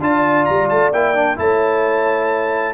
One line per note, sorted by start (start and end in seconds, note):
0.00 0.46 D4
0.00 0.93 F4
0.00 1.39 D5
0.00 0.45 A5
0.45 0.70 G3
0.45 0.68 A#5
0.69 0.92 A3
0.69 0.92 A5
0.92 1.38 A#3
0.92 1.14 E4
0.92 1.38 G5
1.14 1.36 D4
1.36 2.73 A3
1.36 2.73 E4
1.36 2.73 C#5
1.36 2.73 A5